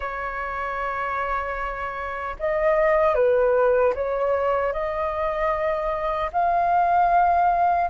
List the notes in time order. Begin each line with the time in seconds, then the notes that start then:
0.00 C#5
2.39 D#5
3.14 B4
3.94 C#5
4.73 D#5
6.32 F5